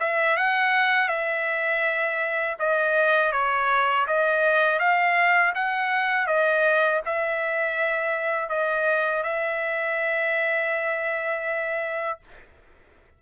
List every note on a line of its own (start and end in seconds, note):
0.00 0.37 E5
0.37 1.09 F#5
1.09 2.57 E5
2.60 3.32 D#5
3.32 4.06 C#5
4.07 4.79 D#5
4.79 5.54 F5
5.55 6.27 F#5
6.27 7.01 D#5
7.06 8.49 E5
8.49 9.23 D#5
9.23 12.20 E5